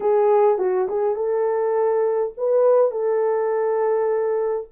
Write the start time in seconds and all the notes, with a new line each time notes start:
0.00 G#4
0.58 F#4
0.88 G#4
1.15 A4
2.37 B4
2.91 A4